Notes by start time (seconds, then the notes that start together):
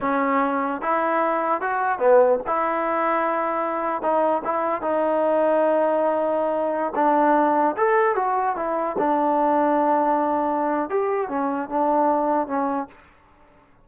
0.01 C#4
0.81 E4
1.61 F#4
1.98 B3
2.46 E4
4.01 D#4
4.44 E4
4.81 D#4
6.95 D4
7.77 A4
8.15 F#4
8.56 E4
8.98 D4
10.89 G4
11.28 C#4
11.69 D4
12.47 C#4